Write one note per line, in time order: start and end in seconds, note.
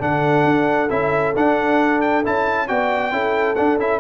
0.00 0.44 D3
0.00 0.89 D4
0.00 2.69 A4
0.00 0.90 F#5
0.44 0.89 D4
0.90 1.35 C#4
0.90 1.34 E4
0.90 1.35 E5
1.37 2.25 D4
1.37 2.01 F#5
2.01 2.24 G5
2.25 2.70 C#4
2.25 2.68 E4
2.25 2.68 A5
2.68 3.12 B3
2.68 3.12 F#4
2.68 3.13 D5
2.68 3.56 G5
3.12 3.57 C#4
3.12 3.56 E4
3.12 4.00 A4
3.56 3.79 D4
3.56 3.78 F#5
3.79 4.00 C#4
3.79 4.00 E4
3.79 4.00 E5